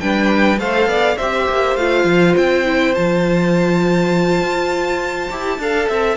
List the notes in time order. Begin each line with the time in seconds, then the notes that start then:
0.00 G3 D4 B4 G5
0.58 A3 A4 C5 F5
0.86 B3 D5
1.17 C4 G4 C5 E5
1.49 A#3
1.76 A3 F4 F5
2.04 F3
2.37 C4 G5
2.65 E4
2.94 F3 F4 A5
4.41 F4
5.30 E4 G4
5.58 D4 A4 F5
5.88 C4 E5